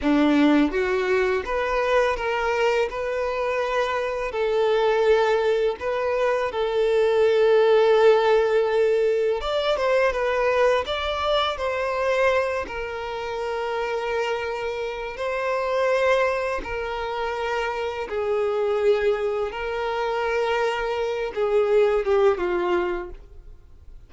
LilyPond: \new Staff \with { instrumentName = "violin" } { \time 4/4 \tempo 4 = 83 d'4 fis'4 b'4 ais'4 | b'2 a'2 | b'4 a'2.~ | a'4 d''8 c''8 b'4 d''4 |
c''4. ais'2~ ais'8~ | ais'4 c''2 ais'4~ | ais'4 gis'2 ais'4~ | ais'4. gis'4 g'8 f'4 | }